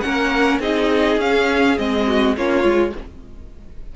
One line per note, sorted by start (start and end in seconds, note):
0.00 0.59 A#3
0.00 0.61 C#4
0.00 0.60 A#4
0.00 0.58 F#5
0.59 1.17 C4
0.59 1.19 D#4
0.59 2.06 G#4
0.59 1.20 D#5
1.17 1.75 C#4
1.17 1.77 C#4
1.17 1.78 F5
1.77 2.36 G#3
1.77 2.35 C4
1.77 2.36 D#5
2.07 2.36 F#4
2.36 2.63 A#3
2.36 2.63 C#4
2.36 2.95 F4
2.36 2.94 C#5
2.63 2.92 G#3
2.63 2.92 F4